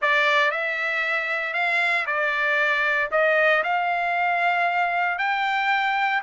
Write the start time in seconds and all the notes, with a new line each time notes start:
0.01 D5
0.51 E5
1.53 F5
2.06 D5
3.11 D#5
3.63 F5
5.18 G5